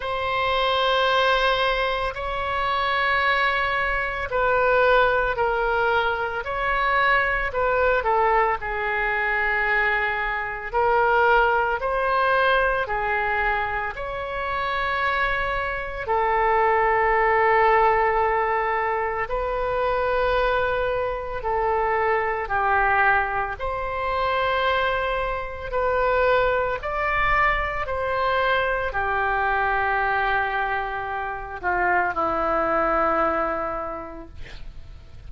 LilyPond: \new Staff \with { instrumentName = "oboe" } { \time 4/4 \tempo 4 = 56 c''2 cis''2 | b'4 ais'4 cis''4 b'8 a'8 | gis'2 ais'4 c''4 | gis'4 cis''2 a'4~ |
a'2 b'2 | a'4 g'4 c''2 | b'4 d''4 c''4 g'4~ | g'4. f'8 e'2 | }